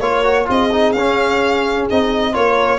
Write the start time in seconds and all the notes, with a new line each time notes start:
0.00 A#3 F4 A#4 C#5
0.25 F#4
0.46 C4 F4 G#4 D#5
0.72 D#4
0.93 C#4 F5
1.91 C4 D#4 D#5
2.33 A#3 F4 A#4 C#5